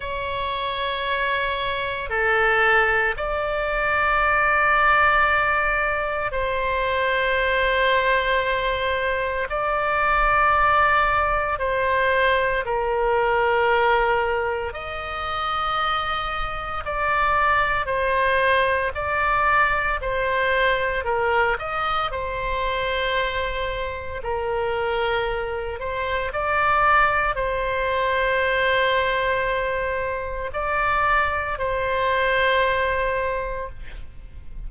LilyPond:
\new Staff \with { instrumentName = "oboe" } { \time 4/4 \tempo 4 = 57 cis''2 a'4 d''4~ | d''2 c''2~ | c''4 d''2 c''4 | ais'2 dis''2 |
d''4 c''4 d''4 c''4 | ais'8 dis''8 c''2 ais'4~ | ais'8 c''8 d''4 c''2~ | c''4 d''4 c''2 | }